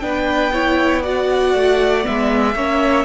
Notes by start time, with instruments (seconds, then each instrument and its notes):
0.00 cello B3, viola D4, violin B4 G5
0.53 viola E4, violin C#5
1.02 viola F#4, violin D5 F#5
1.54 cello A3
2.03 cello G#3, viola B3, violin E5
2.55 cello A#3, viola C#4, violin C#5